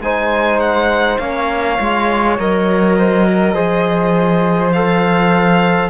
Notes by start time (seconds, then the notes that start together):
0.00 G#3 D#4 C5 G#5
0.60 F#5
1.18 A#3 C#4 C#5 F5
1.79 G#3 F4
2.38 F#3 A#4 D#5
2.98 C5
3.25 A#4
3.54 F3 G#4 C5
4.72 A4 F5